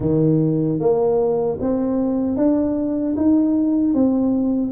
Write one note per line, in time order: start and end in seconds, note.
0.00 0.79 D#3
0.79 1.58 A#3
1.60 2.36 C4
2.36 3.15 D4
3.16 3.94 D#4
3.94 4.72 C4